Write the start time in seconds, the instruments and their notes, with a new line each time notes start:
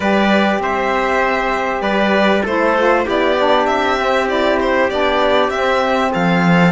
0.00 cello G3, saxophone G4, trumpet B4, violin D5
0.59 cello C4, trumpet C5, violin E5
1.81 cello G3, trumpet B4, violin D5
2.42 cello A3, saxophone E4, trumpet A4, violin C5
2.76 saxophone F4
3.05 cello B3, saxophone E4, trumpet G4, violin D5
3.38 saxophone D4
3.66 cello C4, violin E5
3.97 saxophone C4
4.28 saxophone E4, violin D5
4.60 violin C5
4.89 cello B3, saxophone D4, violin D5
5.49 cello C4, saxophone C4, violin E5
6.12 cello F3, trumpet A4, violin F5